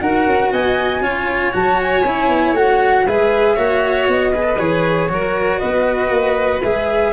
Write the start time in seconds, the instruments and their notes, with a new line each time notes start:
0.00 tuba D#4, cello F#4, violin A#4, flute F#5
0.26 tuba C#4
0.52 tuba B3, violin D#5, flute G#5
1.01 tuba C#4, cello F4, violin C#5
1.52 tuba F#3, cello F#4, flute A5
1.82 flute G#5
2.04 tuba C#4, cello E4
2.28 tuba B3
2.53 tuba A3, cello F#4, flute F#5
3.06 tuba G#3, cello G#4, violin B4, flute E5
3.55 tuba A#3, cello F#4, violin C#5
4.08 tuba B3, flute D#5
4.32 cello G#4, violin B4
4.43 cello A4
4.59 tuba E3, cello G#4, flute C#5
5.09 tuba F#3, cello F#4, violin A#4
5.58 tuba B3, violin B4, flute D#5
6.10 tuba A#3
6.63 tuba G#3, cello G#4, flute E5